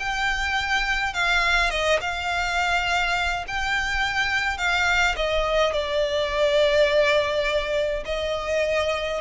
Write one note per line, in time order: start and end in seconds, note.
0.00 1.14 G5
1.14 1.71 F5
1.71 2.00 D#5
2.01 3.46 F5
3.48 4.58 G5
4.58 5.16 F5
5.17 5.74 D#5
5.74 8.04 D5
8.06 9.21 D#5